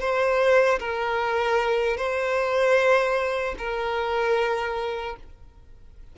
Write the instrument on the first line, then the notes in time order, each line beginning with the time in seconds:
violin
0.00 C5
0.79 A#4
1.97 C5
3.58 A#4